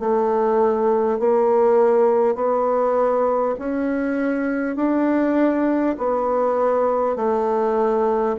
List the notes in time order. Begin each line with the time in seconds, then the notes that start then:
0.00 A3
1.19 A#3
2.36 B3
3.59 C#4
4.76 D4
5.98 B3
7.17 A3